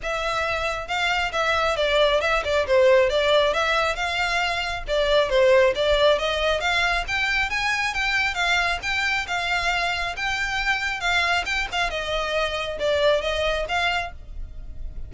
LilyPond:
\new Staff \with { instrumentName = "violin" } { \time 4/4 \tempo 4 = 136 e''2 f''4 e''4 | d''4 e''8 d''8 c''4 d''4 | e''4 f''2 d''4 | c''4 d''4 dis''4 f''4 |
g''4 gis''4 g''4 f''4 | g''4 f''2 g''4~ | g''4 f''4 g''8 f''8 dis''4~ | dis''4 d''4 dis''4 f''4 | }